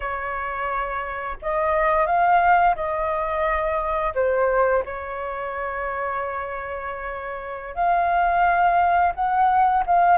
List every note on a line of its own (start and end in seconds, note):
0.00 1.36 C#5
1.42 2.06 D#5
2.06 2.75 F5
2.75 4.13 D#5
4.14 4.83 C5
4.85 7.74 C#5
7.74 9.12 F5
9.14 9.83 F#5
9.86 10.17 F5